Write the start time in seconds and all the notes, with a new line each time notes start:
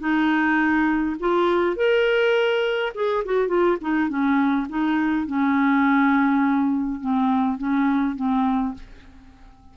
0.00 D#4
1.20 F4
1.76 A#4
2.95 G#4
3.25 F#4
3.48 F4
3.81 D#4
4.09 C#4
4.69 D#4
5.27 C#4
7.01 C4
7.58 C#4
8.16 C4